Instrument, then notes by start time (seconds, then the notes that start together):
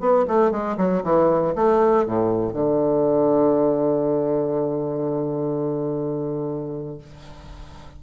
bassoon
0.00 B3
0.28 A3
0.51 G#3
0.77 F#3
1.04 E3
1.56 A3
2.06 A2
2.53 D3